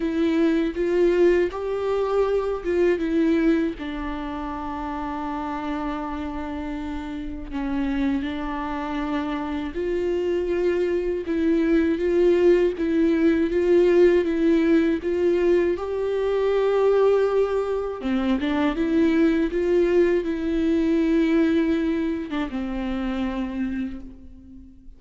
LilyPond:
\new Staff \with { instrumentName = "viola" } { \time 4/4 \tempo 4 = 80 e'4 f'4 g'4. f'8 | e'4 d'2.~ | d'2 cis'4 d'4~ | d'4 f'2 e'4 |
f'4 e'4 f'4 e'4 | f'4 g'2. | c'8 d'8 e'4 f'4 e'4~ | e'4.~ e'16 d'16 c'2 | }